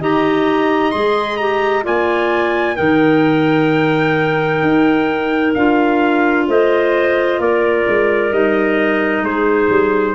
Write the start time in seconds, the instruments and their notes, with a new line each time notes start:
0.00 tuba D#4, clarinet G4 D#5, trumpet A#5
0.91 tuba G#3, clarinet G#4, trumpet C6
1.37 clarinet G4, trumpet A#5
1.83 tuba A#3, clarinet F4 D5, trumpet G#5
2.75 tuba D#3, clarinet D#4 A#4, trumpet G5
4.62 tuba D#4
5.54 tuba D4, clarinet F4, trumpet F5
6.47 tuba A3, clarinet C5, trumpet D#5
7.38 tuba A#3, clarinet A#4, trumpet D5
7.87 tuba G#3
8.31 tuba G3, clarinet D#4, trumpet D#5
9.22 tuba G#3, clarinet G#4, trumpet C5
9.69 tuba G3